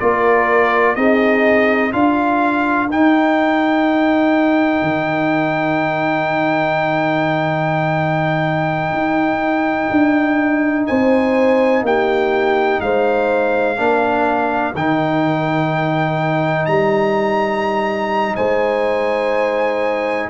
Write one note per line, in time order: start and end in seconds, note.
0.00 0.97 A#3
0.00 0.97 F4
0.00 0.98 A#4
0.00 0.96 D5
0.96 1.94 C4
0.96 1.93 D#4
0.96 1.93 G#4
0.96 1.93 D#5
1.93 2.90 D4
1.93 2.90 F4
1.93 10.88 A#4
1.93 2.90 F5
2.90 4.82 D#4
2.90 13.77 D#4
2.90 10.87 G5
4.82 8.93 D#3
8.93 9.90 D#4
9.91 10.88 D4
10.87 11.83 C4
10.87 11.85 C5
10.87 11.84 G#5
11.83 12.80 A#3
11.83 12.83 G4
11.83 12.81 G5
12.81 13.79 G#3
12.81 13.80 C5
12.81 14.75 F5
13.77 14.75 A#3
13.77 14.74 D4
13.77 18.36 A#4
14.75 16.68 D#3
14.75 20.30 D#4
14.75 16.66 G5
16.66 18.37 G3
16.66 18.36 A#5
18.36 20.30 G#3
18.36 20.30 C5
18.36 20.30 G#5